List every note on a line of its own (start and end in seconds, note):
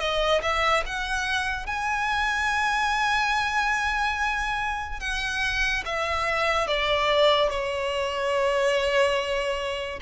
0.00 0.42 D#5
0.42 0.84 E5
0.86 1.67 F#5
1.67 5.00 G#5
5.01 5.84 F#5
5.86 6.68 E5
6.68 7.50 D5
7.50 10.00 C#5